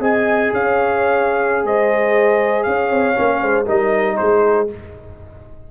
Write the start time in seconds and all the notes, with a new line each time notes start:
0.00 C4 G#4 D#5 G#5
0.53 C#4 C#5 F5
1.64 G#3 C5 D#5
2.64 C#4 C#5 F5
2.91 C4
3.16 A#3 C#4
3.41 G#3 C5
3.65 G3 D#4 A#4 D#5
4.17 G#3 G#4 C5